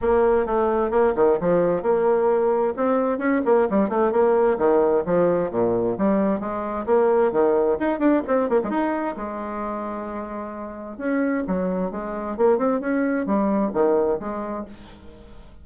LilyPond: \new Staff \with { instrumentName = "bassoon" } { \time 4/4 \tempo 4 = 131 ais4 a4 ais8 dis8 f4 | ais2 c'4 cis'8 ais8 | g8 a8 ais4 dis4 f4 | ais,4 g4 gis4 ais4 |
dis4 dis'8 d'8 c'8 ais16 gis16 dis'4 | gis1 | cis'4 fis4 gis4 ais8 c'8 | cis'4 g4 dis4 gis4 | }